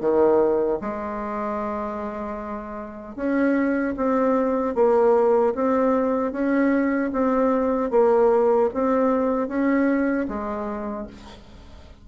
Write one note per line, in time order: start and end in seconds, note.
0.00 0.79 D#3
0.81 3.15 G#3
3.15 3.94 C#4
3.96 4.75 C4
4.75 5.54 A#3
5.54 6.32 C4
6.32 7.11 C#4
7.12 7.91 C4
7.91 8.69 A#3
8.73 9.48 C4
9.48 10.27 C#4
10.28 11.07 G#3